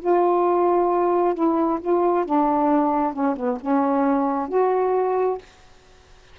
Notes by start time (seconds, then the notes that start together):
0.00 F4
1.35 E4
1.81 F4
2.26 D4
3.13 C#4
3.36 B3
3.61 C#4
4.49 F#4